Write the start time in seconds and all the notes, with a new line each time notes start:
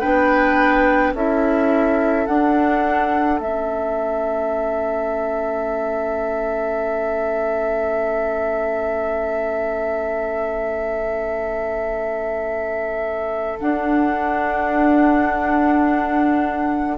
0.00 B3 D4 B4 G5
1.13 C#4 E4 A4 E5
2.26 D4 F#5
3.39 A3 C#4 E5
13.60 D4 F#5